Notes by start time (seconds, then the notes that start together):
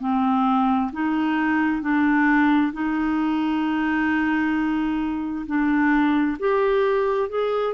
0.00 C4
0.93 D#4
1.82 D4
2.73 D#4
5.46 D4
6.39 G4
7.29 G#4